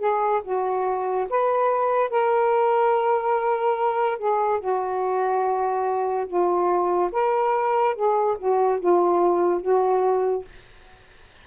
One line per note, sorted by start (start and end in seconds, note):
0.00 0.42 G#4
0.44 1.27 F#4
1.30 2.11 B4
2.11 4.19 A#4
4.19 4.60 G#4
4.60 6.27 F#4
6.28 7.11 F4
7.12 7.95 A#4
7.95 8.37 G#4
8.39 8.80 F#4
8.80 9.62 F4
9.62 10.45 F#4